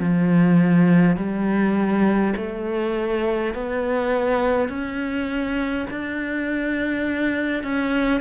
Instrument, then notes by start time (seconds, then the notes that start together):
cello
0.00 F3
1.17 G3
2.37 A3
3.55 B3
4.69 C#4
5.91 D4
7.64 C#4